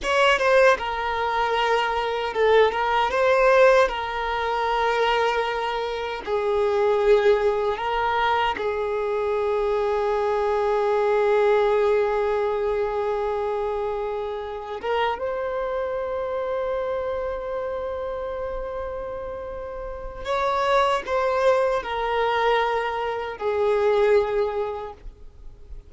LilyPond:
\new Staff \with { instrumentName = "violin" } { \time 4/4 \tempo 4 = 77 cis''8 c''8 ais'2 a'8 ais'8 | c''4 ais'2. | gis'2 ais'4 gis'4~ | gis'1~ |
gis'2. ais'8 c''8~ | c''1~ | c''2 cis''4 c''4 | ais'2 gis'2 | }